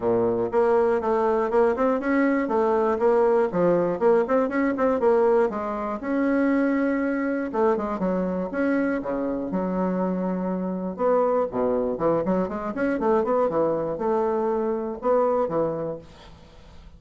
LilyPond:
\new Staff \with { instrumentName = "bassoon" } { \time 4/4 \tempo 4 = 120 ais,4 ais4 a4 ais8 c'8 | cis'4 a4 ais4 f4 | ais8 c'8 cis'8 c'8 ais4 gis4 | cis'2. a8 gis8 |
fis4 cis'4 cis4 fis4~ | fis2 b4 b,4 | e8 fis8 gis8 cis'8 a8 b8 e4 | a2 b4 e4 | }